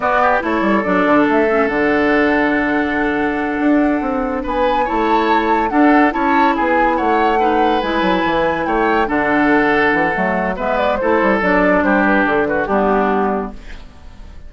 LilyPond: <<
  \new Staff \with { instrumentName = "flute" } { \time 4/4 \tempo 4 = 142 d''4 cis''4 d''4 e''4 | fis''1~ | fis''2~ fis''8 gis''4 a''8~ | a''4. fis''4 a''4 gis''8~ |
gis''8 fis''2 gis''4.~ | gis''8 g''4 fis''2~ fis''8~ | fis''4 e''8 d''8 c''4 d''4 | c''8 b'8 a'8 b'8 g'2 | }
  \new Staff \with { instrumentName = "oboe" } { \time 4/4 fis'8 g'8 a'2.~ | a'1~ | a'2~ a'8 b'4 cis''8~ | cis''4. a'4 cis''4 gis'8~ |
gis'8 cis''4 b'2~ b'8~ | b'8 cis''4 a'2~ a'8~ | a'4 b'4 a'2 | g'4. fis'8 d'2 | }
  \new Staff \with { instrumentName = "clarinet" } { \time 4/4 b4 e'4 d'4. cis'8 | d'1~ | d'2.~ d'8 e'8~ | e'4. d'4 e'4.~ |
e'4. dis'4 e'4.~ | e'4. d'2~ d'8 | a4 b4 e'4 d'4~ | d'2 b2 | }
  \new Staff \with { instrumentName = "bassoon" } { \time 4/4 b4 a8 g8 fis8 d8 a4 | d1~ | d8 d'4 c'4 b4 a8~ | a4. d'4 cis'4 b8~ |
b8 a2 gis8 fis8 e8~ | e8 a4 d2 e8 | fis4 gis4 a8 g8 fis4 | g4 d4 g2 | }
>>